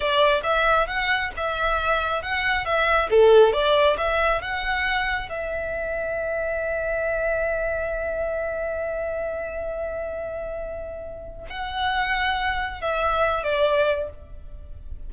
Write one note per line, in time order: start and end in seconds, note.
0.00 0.41 D5
0.43 0.87 E5
0.87 1.31 F#5
1.36 2.22 E5
2.22 2.65 F#5
2.65 3.09 E5
3.10 3.52 A4
3.52 3.96 D5
3.97 4.41 E5
4.41 5.29 F#5
5.29 11.46 E5
11.49 12.81 F#5
12.81 13.43 E5
13.43 14.09 D5